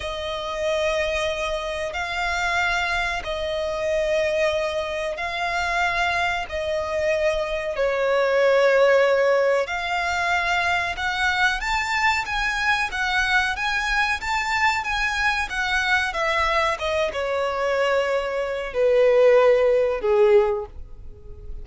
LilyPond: \new Staff \with { instrumentName = "violin" } { \time 4/4 \tempo 4 = 93 dis''2. f''4~ | f''4 dis''2. | f''2 dis''2 | cis''2. f''4~ |
f''4 fis''4 a''4 gis''4 | fis''4 gis''4 a''4 gis''4 | fis''4 e''4 dis''8 cis''4.~ | cis''4 b'2 gis'4 | }